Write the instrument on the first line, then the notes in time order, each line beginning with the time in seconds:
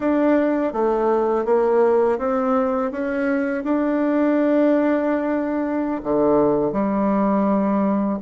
bassoon
0.00 D4
0.73 A3
1.45 A#3
2.18 C4
2.91 C#4
3.64 D4
6.03 D3
6.72 G3